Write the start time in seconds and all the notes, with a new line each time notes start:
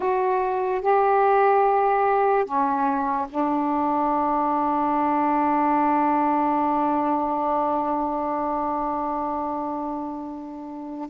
0.00 F#4
0.81 G4
2.45 C#4
3.29 D4